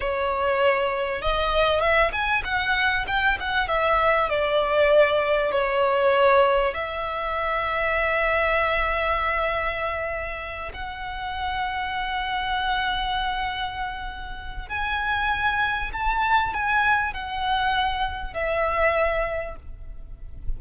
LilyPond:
\new Staff \with { instrumentName = "violin" } { \time 4/4 \tempo 4 = 98 cis''2 dis''4 e''8 gis''8 | fis''4 g''8 fis''8 e''4 d''4~ | d''4 cis''2 e''4~ | e''1~ |
e''4. fis''2~ fis''8~ | fis''1 | gis''2 a''4 gis''4 | fis''2 e''2 | }